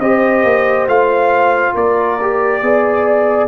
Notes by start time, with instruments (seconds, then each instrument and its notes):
0.00 tuba C4, trombone G4, horn C5, trumpet D#5
0.44 tuba A#3
0.87 tuba A3, trombone F4, trumpet F5
1.75 tuba A#3, horn A#4, trumpet D5
2.22 trombone G4
2.62 tuba B3, trombone G#4, horn D5